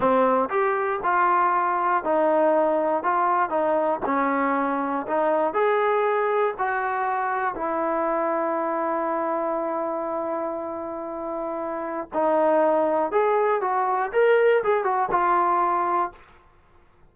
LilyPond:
\new Staff \with { instrumentName = "trombone" } { \time 4/4 \tempo 4 = 119 c'4 g'4 f'2 | dis'2 f'4 dis'4 | cis'2 dis'4 gis'4~ | gis'4 fis'2 e'4~ |
e'1~ | e'1 | dis'2 gis'4 fis'4 | ais'4 gis'8 fis'8 f'2 | }